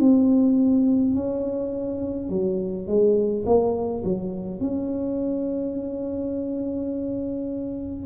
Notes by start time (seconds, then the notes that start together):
0.00 C4
1.15 C#4
2.30 F#3
2.87 G#3
3.46 A#3
4.05 F#3
4.61 C#4